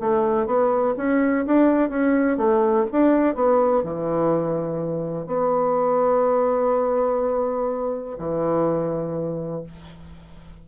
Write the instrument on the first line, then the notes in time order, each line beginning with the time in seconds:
bassoon
0.00 A3
0.47 B3
0.97 C#4
1.46 D4
1.90 C#4
2.38 A3
2.92 D4
3.35 B3
3.84 E3
5.27 B3
8.19 E3